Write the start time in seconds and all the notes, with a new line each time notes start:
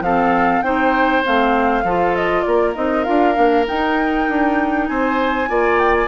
0.00 F3 C4 A4 F5
0.62 C4 D#4 C5 G5
1.23 A3 C4 F5
1.83 F3 F4 A4
2.16 D#5
2.41 A#3 D5
2.48 A#4
2.74 C4 D#4 D#5
3.04 D4 F4 F5
3.34 A#3 D4
3.67 D#4 G5
4.29 D4
4.88 C4 C5 G#5
5.48 A#3 F4 D5
5.79 G5
5.94 G#5